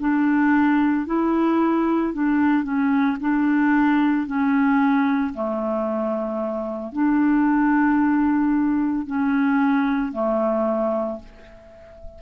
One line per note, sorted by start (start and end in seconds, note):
0.00 1.07 D4
1.07 2.13 E4
2.13 2.63 D4
2.63 3.17 C#4
3.20 4.27 D4
4.27 5.34 C#4
5.34 6.93 A3
6.93 9.07 D4
9.07 10.12 C#4
10.12 11.20 A3